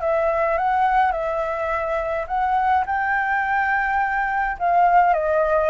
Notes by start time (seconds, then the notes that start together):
0.00 E5
0.57 F#5
1.11 E5
2.27 F#5
2.86 G5
4.59 F5
5.13 D#5